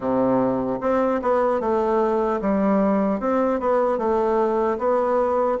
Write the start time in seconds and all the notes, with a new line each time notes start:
0.00 C3
0.80 C4
1.22 B3
1.60 A3
2.41 G3
3.20 C4
3.60 B3
3.98 A3
4.78 B3